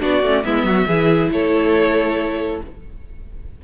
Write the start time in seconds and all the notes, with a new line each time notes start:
0.00 B3 D4 F#4 D5
0.23 A3 C#4
0.44 G#3 B3 E4 E5
0.64 F#3 F#4
0.87 E3 E4 G#4
1.31 A3 A4 C#5